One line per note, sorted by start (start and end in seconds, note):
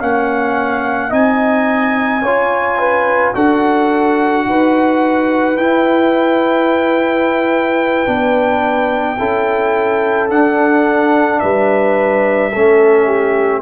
0.00 1.11 A#3
0.00 1.10 C#4
0.00 1.10 F5
0.00 1.13 F#5
1.10 2.22 C4
1.10 2.21 D#4
1.10 2.21 D#5
1.10 3.35 G#5
2.22 3.33 C#4
2.22 3.34 F4
2.22 2.78 C#5
2.78 3.34 B4
3.34 4.45 D4
3.34 5.57 F#4
3.34 4.46 A4
3.34 5.57 F#5
4.46 5.56 D#4
4.46 9.18 B4
5.56 8.06 E4
5.56 8.05 E4
5.56 10.29 G5
8.05 9.18 B3
8.05 9.16 D4
9.18 10.30 C#4
9.18 10.29 E4
9.18 11.40 A4
10.29 12.51 D4
10.29 11.41 D4
10.29 11.39 F#5
11.39 12.54 G3
11.39 12.52 B4
11.39 13.61 E5
12.52 13.62 A3
12.52 13.62 C#4
12.52 13.06 A4
13.06 13.62 G4